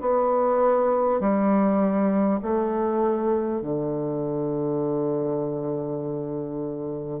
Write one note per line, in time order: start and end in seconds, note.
0.00 1.19 B3
1.19 2.39 G3
2.42 3.61 A3
3.61 7.20 D3